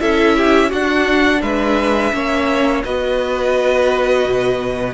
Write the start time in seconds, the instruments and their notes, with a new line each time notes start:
0.00 cello C#4, viola E4, violin A4 E5
0.36 violin G4
0.69 cello D4, viola D4, violin F#4 F#5
1.41 cello G#3, violin B4 E5
2.12 cello A#3, viola C#4, violin C#5
2.84 cello B3, viola F#4, violin B4 D#5
4.25 cello B2